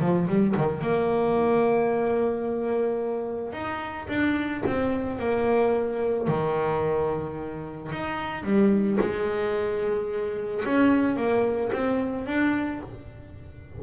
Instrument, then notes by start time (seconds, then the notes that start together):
double bass
0.00 F3
0.28 G3
0.57 D#3
0.81 A#3
3.53 D#4
4.09 D4
4.66 C4
5.19 A#3
6.27 D#3
7.92 D#4
8.43 G3
9.00 G#3
10.65 C#4
11.16 A#3
11.73 C4
12.26 D4